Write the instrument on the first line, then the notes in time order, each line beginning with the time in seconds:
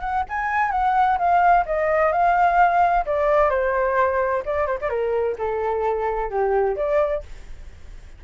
flute
0.00 F#5
0.29 G#5
0.71 F#5
1.18 F5
1.66 D#5
2.12 F5
3.06 D5
3.50 C5
4.45 D5
4.67 C5
4.81 D5
4.89 A#4
5.38 A4
6.30 G4
6.76 D5